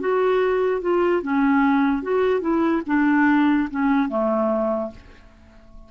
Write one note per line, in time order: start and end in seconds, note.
0.00 0.81 F#4
0.81 1.22 F4
1.22 2.02 C#4
2.02 2.41 F#4
2.41 2.82 E4
2.86 3.69 D4
3.70 4.09 C#4
4.09 4.91 A3